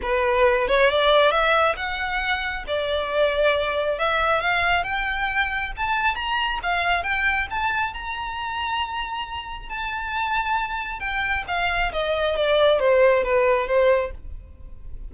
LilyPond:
\new Staff \with { instrumentName = "violin" } { \time 4/4 \tempo 4 = 136 b'4. cis''8 d''4 e''4 | fis''2 d''2~ | d''4 e''4 f''4 g''4~ | g''4 a''4 ais''4 f''4 |
g''4 a''4 ais''2~ | ais''2 a''2~ | a''4 g''4 f''4 dis''4 | d''4 c''4 b'4 c''4 | }